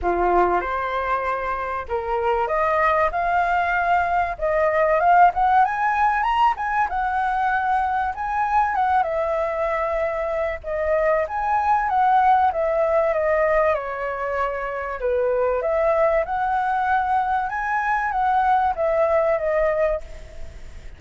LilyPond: \new Staff \with { instrumentName = "flute" } { \time 4/4 \tempo 4 = 96 f'4 c''2 ais'4 | dis''4 f''2 dis''4 | f''8 fis''8 gis''4 ais''8 gis''8 fis''4~ | fis''4 gis''4 fis''8 e''4.~ |
e''4 dis''4 gis''4 fis''4 | e''4 dis''4 cis''2 | b'4 e''4 fis''2 | gis''4 fis''4 e''4 dis''4 | }